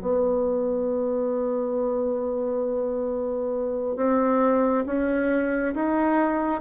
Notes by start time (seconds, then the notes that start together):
0.00 B3
3.96 C4
4.86 C#4
5.74 D#4